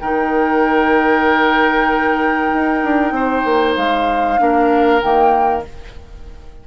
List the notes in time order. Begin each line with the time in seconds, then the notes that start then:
0.00 D#3 D#4 A#4 G5
2.54 D#4
2.84 D4
3.11 C4 C5
3.45 A#3
3.76 G#3 F5
4.39 A#3 D4 A#4
5.00 D#3 A#3 G5